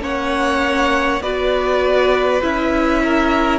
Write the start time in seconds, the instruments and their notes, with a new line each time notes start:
0.00 cello A#3, viola C#4, violin C#5 F#5
1.20 cello B3, viola F#4, violin B4 D5
2.41 cello C#4, viola E4, violin E5
3.03 violin A#4